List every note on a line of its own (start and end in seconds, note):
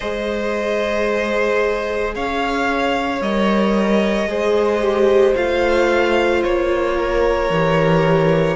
0.00 2.16 G#3
0.00 3.22 G#4
0.00 2.14 C5
0.00 2.14 D#5
2.14 3.21 C#4
2.14 4.29 C#5
2.14 3.21 F5
3.21 4.27 G3
3.21 4.28 A#4
3.21 5.35 D#5
4.27 5.34 G#3
4.27 4.81 G#4
4.27 6.96 C5
4.81 5.35 G4
5.35 6.44 A3
5.35 7.49 F4
5.35 6.43 F5
6.43 7.49 A#3
6.43 8.56 C#5
6.96 8.56 A#4
7.49 8.56 E3
7.49 8.56 G4